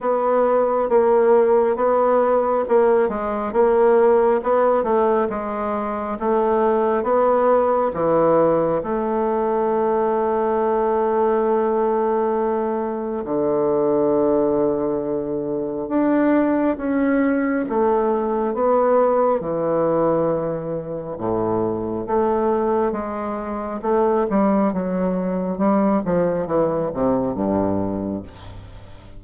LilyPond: \new Staff \with { instrumentName = "bassoon" } { \time 4/4 \tempo 4 = 68 b4 ais4 b4 ais8 gis8 | ais4 b8 a8 gis4 a4 | b4 e4 a2~ | a2. d4~ |
d2 d'4 cis'4 | a4 b4 e2 | a,4 a4 gis4 a8 g8 | fis4 g8 f8 e8 c8 g,4 | }